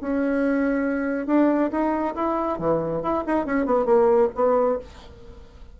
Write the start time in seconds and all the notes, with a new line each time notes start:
0.00 C#4
1.26 D4
1.71 D#4
2.15 E4
2.58 E3
3.02 E4
3.26 D#4
3.46 C#4
3.65 B3
3.85 A#3
4.35 B3